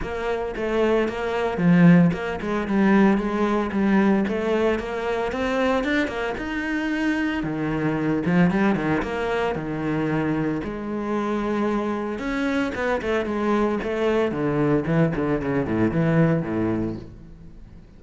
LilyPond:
\new Staff \with { instrumentName = "cello" } { \time 4/4 \tempo 4 = 113 ais4 a4 ais4 f4 | ais8 gis8 g4 gis4 g4 | a4 ais4 c'4 d'8 ais8 | dis'2 dis4. f8 |
g8 dis8 ais4 dis2 | gis2. cis'4 | b8 a8 gis4 a4 d4 | e8 d8 cis8 a,8 e4 a,4 | }